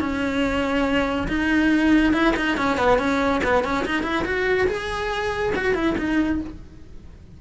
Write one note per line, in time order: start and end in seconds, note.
0.00 1.28 C#4
1.28 2.13 D#4
2.13 2.34 E4
2.36 2.57 D#4
2.57 2.77 C#4
2.77 2.98 B3
2.98 3.41 C#4
3.43 3.64 B3
3.64 3.85 C#4
3.86 4.03 D#4
4.03 4.24 E4
4.25 4.67 F#4
4.68 5.53 G#4
5.56 5.74 F#4
5.74 5.96 E4
5.98 6.40 D#4